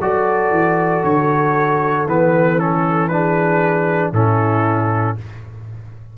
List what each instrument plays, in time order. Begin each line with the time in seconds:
0.00 tuba F#3, trombone F#4, horn A4, trumpet D5
0.51 tuba E3
1.04 tuba D3, trumpet C#5
2.07 tuba E3, trombone B3, trumpet B4
2.59 trombone C#4, trumpet A4
3.08 trombone D4, horn G#4, trumpet B4
4.13 tuba A2, trombone C#4, horn E4, trumpet A4